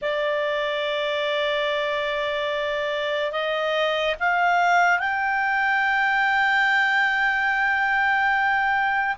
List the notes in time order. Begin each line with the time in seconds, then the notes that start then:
0.01 D5
3.31 D#5
4.19 F5
4.99 G5